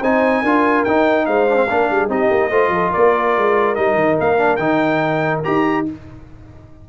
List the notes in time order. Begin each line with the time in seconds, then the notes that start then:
0.00 C4 D#4 C5 G#5
0.42 D4 F4 A#4
0.84 D#4 G5
1.26 G#3 C5 F5
1.49 D4
1.56 C4
1.69 A#3 D4 A#4
1.89 G3 G#4
2.08 C4 D#4 G4 D#5
2.30 A#3
2.50 A3 F4 C5
2.69 F3 A4
2.91 A#3 A#4 D5
3.37 G#3
3.75 G3 D#4 D#5
3.94 D#3
4.19 A#3 F5
4.38 D4
4.56 D#3 D#4 G5
5.44 D#4 G4 A#5